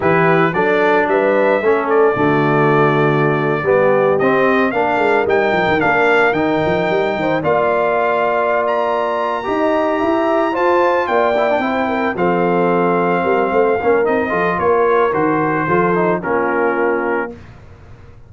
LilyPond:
<<
  \new Staff \with { instrumentName = "trumpet" } { \time 4/4 \tempo 4 = 111 b'4 d''4 e''4. d''8~ | d''2.~ d''8. dis''16~ | dis''8. f''4 g''4 f''4 g''16~ | g''4.~ g''16 f''2~ f''16 |
ais''2.~ ais''8 a''8~ | a''8 g''2 f''4.~ | f''2 dis''4 cis''4 | c''2 ais'2 | }
  \new Staff \with { instrumentName = "horn" } { \time 4/4 g'4 a'4 b'4 a'4 | fis'2~ fis'8. g'4~ g'16~ | g'8. ais'2.~ ais'16~ | ais'4~ ais'16 c''8 d''2~ d''16~ |
d''4. dis''4 e''4 c''8~ | c''8 d''4 c''8 ais'8 a'4.~ | a'8 ais'8 c''8 ais'4 a'8 ais'4~ | ais'4 a'4 f'2 | }
  \new Staff \with { instrumentName = "trombone" } { \time 4/4 e'4 d'2 cis'4 | a2~ a8. b4 c'16~ | c'8. d'4 dis'4 d'4 dis'16~ | dis'4.~ dis'16 f'2~ f'16~ |
f'4. g'2 f'8~ | f'4 e'16 d'16 e'4 c'4.~ | c'4. cis'8 dis'8 f'4. | fis'4 f'8 dis'8 cis'2 | }
  \new Staff \with { instrumentName = "tuba" } { \time 4/4 e4 fis4 g4 a4 | d2~ d8. g4 c'16~ | c'8. ais8 gis8 g8 f16 dis16 ais4 dis16~ | dis16 f8 g8 dis8 ais2~ ais16~ |
ais4. dis'4 e'4 f'8~ | f'8 ais4 c'4 f4.~ | f8 g8 a8 ais8 c'8 f8 ais4 | dis4 f4 ais2 | }
>>